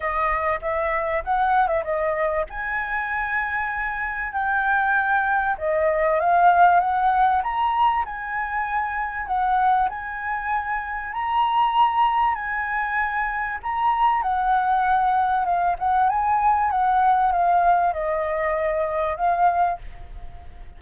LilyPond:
\new Staff \with { instrumentName = "flute" } { \time 4/4 \tempo 4 = 97 dis''4 e''4 fis''8. e''16 dis''4 | gis''2. g''4~ | g''4 dis''4 f''4 fis''4 | ais''4 gis''2 fis''4 |
gis''2 ais''2 | gis''2 ais''4 fis''4~ | fis''4 f''8 fis''8 gis''4 fis''4 | f''4 dis''2 f''4 | }